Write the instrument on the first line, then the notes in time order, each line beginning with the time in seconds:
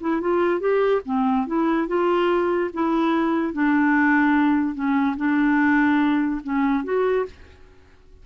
clarinet
0.00 E4
0.21 F4
0.60 G4
1.05 C4
1.47 E4
1.87 F4
2.73 E4
3.53 D4
4.75 C#4
5.17 D4
6.44 C#4
6.84 F#4